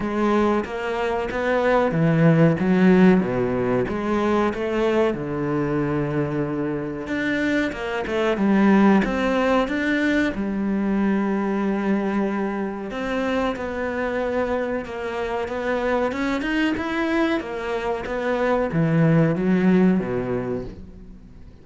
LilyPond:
\new Staff \with { instrumentName = "cello" } { \time 4/4 \tempo 4 = 93 gis4 ais4 b4 e4 | fis4 b,4 gis4 a4 | d2. d'4 | ais8 a8 g4 c'4 d'4 |
g1 | c'4 b2 ais4 | b4 cis'8 dis'8 e'4 ais4 | b4 e4 fis4 b,4 | }